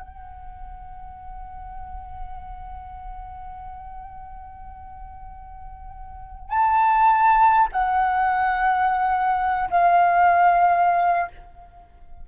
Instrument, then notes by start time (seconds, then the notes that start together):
flute
0.00 F#5
6.50 A5
7.72 F#5
9.70 F5